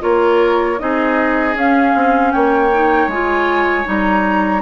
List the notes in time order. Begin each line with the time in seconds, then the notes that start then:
0.00 A#3 F4 A#4 C#5
0.79 C4 D#4 G#4 D#5
1.55 C#4 F5
1.95 C4
2.32 A#3 C#5 G5
2.72 D#4
3.07 G#3 F4 G#5
3.84 G3 D#4 A#5